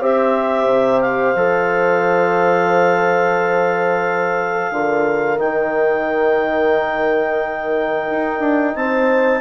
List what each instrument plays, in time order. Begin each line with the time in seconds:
0.00 bassoon C4, trombone G4, horn C5, clarinet E5
0.67 bassoon C3
1.01 clarinet F5
1.36 bassoon F3, trombone A4
4.71 bassoon D3, trombone F4, horn A#4
5.39 bassoon D#3, trombone D#4, clarinet G5
8.11 bassoon D#4
8.40 bassoon D4
8.76 bassoon C4, horn C5, clarinet A5